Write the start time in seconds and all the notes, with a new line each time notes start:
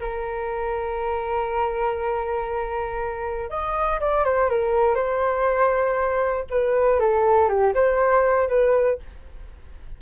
0.00 A#4
3.50 D#5
4.01 D5
4.25 C5
4.50 A#4
4.95 C5
6.50 B4
7.00 A4
7.49 G4
7.75 C5
8.49 B4